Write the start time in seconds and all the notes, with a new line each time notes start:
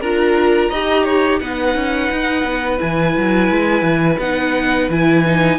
0.00 D4 F4 A#4 A#5
0.70 D#4 G4 D#5
1.04 C#5
1.39 B3 D#4 B4 F#5
1.75 C#4
2.11 D#4
2.44 B3
2.77 E3 E4 G#5
3.17 F#3
3.50 G#3
3.82 E3
4.18 B3 D#4 F#5
4.89 E3 E4 G#5
5.26 D#4